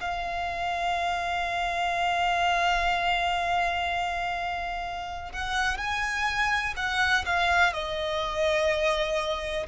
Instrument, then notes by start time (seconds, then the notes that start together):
violin
0.00 F5
5.32 F#5
5.77 G#5
6.76 F#5
7.25 F5
7.73 D#5